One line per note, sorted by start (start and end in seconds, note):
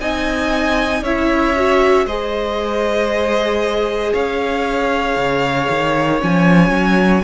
0.00 1.02 C4
0.00 1.04 D#4
0.00 1.02 D#5
0.00 1.04 G#5
1.02 2.05 C#4
1.02 1.56 E4
1.02 2.06 C#5
1.02 2.06 E5
1.56 2.08 F#4
2.06 4.12 G#3
2.06 6.19 G#4
2.06 4.12 C5
2.06 4.13 D#5
4.12 5.16 C#4
4.12 7.23 C#5
4.12 6.21 F5
5.16 5.68 C#3
5.70 6.21 D#3
6.19 6.70 F3
6.19 7.23 C#4
6.19 7.23 G#5
6.70 7.21 F#3